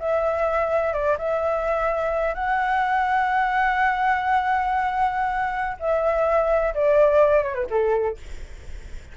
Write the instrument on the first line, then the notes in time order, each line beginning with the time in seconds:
flute
0.00 E5
0.94 D5
1.19 E5
2.35 F#5
5.80 E5
6.75 D5
7.44 C#5
7.55 B4
7.71 A4